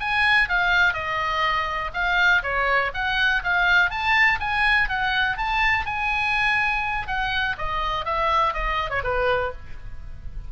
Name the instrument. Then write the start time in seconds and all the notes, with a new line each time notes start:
oboe
0.00 G#5
0.49 F5
0.94 D#5
1.94 F5
2.43 C#5
2.94 F#5
3.44 F5
3.91 A5
4.40 G#5
4.89 F#5
5.37 A5
5.86 G#5
7.08 F#5
7.58 D#5
8.05 E5
8.54 D#5
8.90 C#5
9.04 B4